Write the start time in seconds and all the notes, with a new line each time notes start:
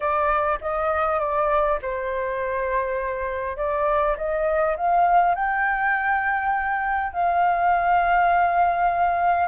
0.00 D5
0.61 D#5
1.19 D5
1.81 C5
3.56 D5
4.17 D#5
4.77 F5
5.34 G5
7.12 F5